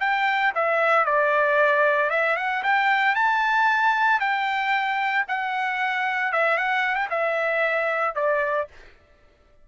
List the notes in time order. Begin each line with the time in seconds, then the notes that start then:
0.00 G5
0.55 E5
1.05 D5
2.10 E5
2.37 F#5
2.63 G5
3.15 A5
4.20 G5
5.28 F#5
6.32 E5
6.58 F#5
6.95 G5
7.10 E5
8.15 D5